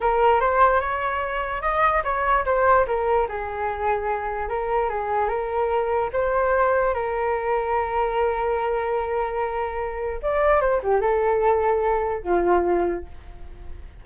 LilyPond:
\new Staff \with { instrumentName = "flute" } { \time 4/4 \tempo 4 = 147 ais'4 c''4 cis''2 | dis''4 cis''4 c''4 ais'4 | gis'2. ais'4 | gis'4 ais'2 c''4~ |
c''4 ais'2.~ | ais'1~ | ais'4 d''4 c''8 g'8 a'4~ | a'2 f'2 | }